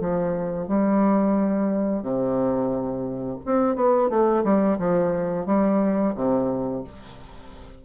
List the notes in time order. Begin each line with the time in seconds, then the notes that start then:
0.00 F3
0.68 G3
2.02 C3
3.46 C4
3.76 B3
4.09 A3
4.44 G3
4.78 F3
5.46 G3
6.15 C3